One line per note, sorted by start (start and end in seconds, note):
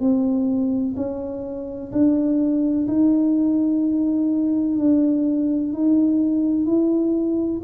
0.00 0.95 C4
0.96 1.91 C#4
1.92 2.87 D4
2.87 4.78 D#4
4.78 5.73 D4
5.73 6.66 D#4
6.66 7.61 E4